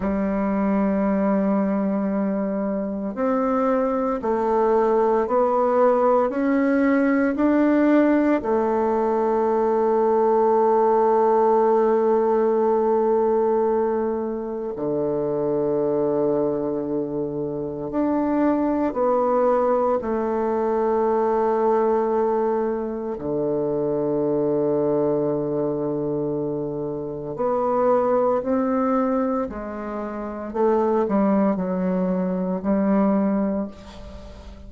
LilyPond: \new Staff \with { instrumentName = "bassoon" } { \time 4/4 \tempo 4 = 57 g2. c'4 | a4 b4 cis'4 d'4 | a1~ | a2 d2~ |
d4 d'4 b4 a4~ | a2 d2~ | d2 b4 c'4 | gis4 a8 g8 fis4 g4 | }